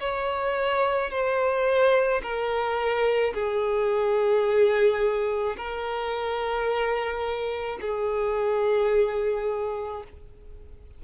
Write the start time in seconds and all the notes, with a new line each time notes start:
0.00 C#5
1.11 C5
2.23 A#4
3.34 G#4
5.57 A#4
7.81 G#4